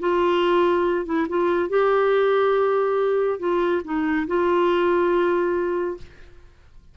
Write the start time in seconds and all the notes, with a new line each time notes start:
0.00 F4
1.06 E4
1.29 F4
1.70 G4
3.40 F4
3.85 D#4
4.27 F4